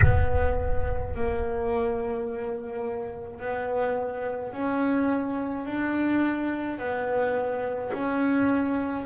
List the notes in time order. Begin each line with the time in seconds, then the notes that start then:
0.01 B3
1.14 A#3
3.39 B3
4.52 C#4
5.65 D4
6.78 B3
7.92 C#4